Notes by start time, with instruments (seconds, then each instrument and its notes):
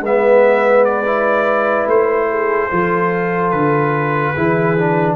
0.00 tuba G#3, trombone B3, horn B4, trumpet E5
0.84 trumpet D5
1.05 trombone E4
1.86 tuba A3, trumpet C5
2.29 horn G#4
2.70 tuba F3, trombone F4, horn A4
3.50 tuba D3, trumpet B4
4.34 tuba E3, trombone E4, horn G#4
4.78 trombone D4